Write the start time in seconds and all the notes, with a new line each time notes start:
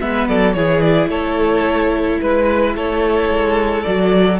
0.00 G#3 B3 B4 E5
0.28 F#3 A4 D5
0.54 E3 E4 G#4 C#5
0.81 D5
1.07 A3 A4 C#5
2.21 G#3 B4
2.75 A3 A4 C#5
3.30 G#3
3.83 F#3 F#4 D5